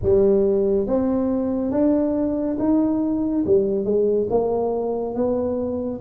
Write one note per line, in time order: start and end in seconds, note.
0.02 0.86 G3
0.86 1.71 C4
1.71 2.56 D4
2.59 3.44 D#4
3.46 3.84 G3
3.84 4.27 G#3
4.30 5.14 A#3
5.14 6.00 B3